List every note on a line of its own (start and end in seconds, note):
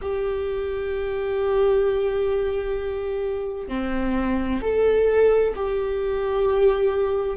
0.01 3.68 G4
3.68 4.60 C4
4.62 5.54 A4
5.55 7.37 G4